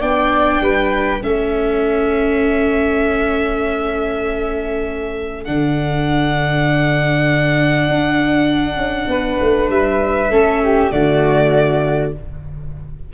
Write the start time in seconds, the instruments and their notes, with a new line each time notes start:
0.00 tuba B3, viola D4, flute D5, violin G5
0.60 tuba G3, flute B4
1.21 tuba A3, viola C#4, flute A4, violin E5
5.44 tuba D3, viola D4, violin F#5
7.88 tuba D4
8.76 tuba C#4
9.07 tuba B3, flute B4
9.41 tuba A3
9.69 tuba G3, violin E5
10.29 tuba A3, viola C#4, flute A4
10.63 flute G4
10.90 tuba D3, viola A3, flute F#4, violin D5